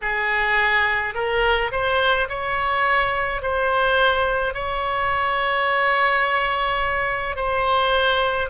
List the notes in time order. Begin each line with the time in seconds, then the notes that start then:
0.01 G#4
1.14 A#4
1.71 C5
2.28 C#5
3.42 C5
4.54 C#5
7.36 C5